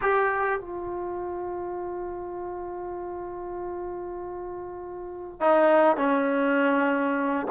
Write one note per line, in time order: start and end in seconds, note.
0.01 0.60 G4
0.60 5.40 F4
5.40 5.96 D#4
5.96 7.46 C#4